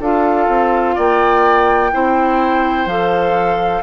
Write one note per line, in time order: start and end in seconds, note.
0.00 0.48 D4
0.00 1.92 F4
0.00 0.95 A4
0.00 0.98 F5
0.48 0.96 C4
0.95 1.93 A#3
0.95 1.90 D5
0.95 2.88 G5
1.92 2.86 C4
1.92 2.88 E4
1.92 3.83 C5
2.86 3.81 F3
2.86 3.83 A4
2.86 3.83 F5